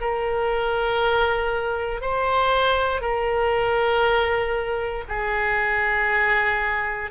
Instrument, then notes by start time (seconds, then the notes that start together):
oboe
0.00 A#4
2.01 C5
3.00 A#4
5.08 G#4